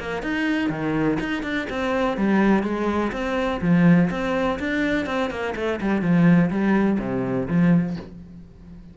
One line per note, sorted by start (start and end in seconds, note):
0.00 0.23 A#3
0.23 0.70 D#4
0.70 1.18 D#3
1.21 1.43 D#4
1.43 1.68 D4
1.70 2.18 C4
2.18 2.64 G3
2.64 3.12 G#3
3.12 3.61 C4
3.62 4.10 F3
4.11 4.59 C4
4.60 5.07 D4
5.07 5.31 C4
5.31 5.55 A#3
5.56 5.80 A3
5.81 6.02 G3
6.02 6.51 F3
6.51 6.99 G3
7.00 7.48 C3
7.49 7.97 F3